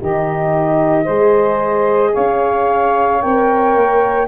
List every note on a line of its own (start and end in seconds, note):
0.00 1.08 D#3
0.00 1.07 D#4
0.00 1.04 G4
0.00 2.15 D#5
1.04 2.15 G#3
1.04 3.22 G#4
1.04 2.11 C5
2.13 3.23 C#4
2.13 4.28 C#5
2.13 3.21 F5
3.21 3.75 C4
3.21 4.28 A#4
3.21 4.28 G5
3.75 4.28 A#3